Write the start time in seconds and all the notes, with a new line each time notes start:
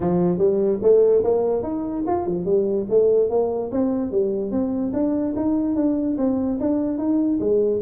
0.00 F3
0.38 G3
0.82 A3
1.23 A#3
1.63 D#4
2.06 F4
2.26 F3
2.45 G3
2.89 A3
3.29 A#3
3.71 C4
4.11 G3
4.51 C4
4.93 D4
5.36 D#4
5.75 D4
6.17 C4
6.60 D4
6.98 D#4
7.40 G#3